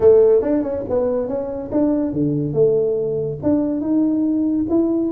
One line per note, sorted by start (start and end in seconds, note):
0.00 0.42 A3
0.42 0.62 D4
0.62 0.84 C#4
0.89 1.27 B3
1.27 1.70 C#4
1.71 2.12 D4
2.12 2.53 D3
2.53 3.38 A3
3.42 3.80 D4
3.80 4.66 D#4
4.69 5.12 E4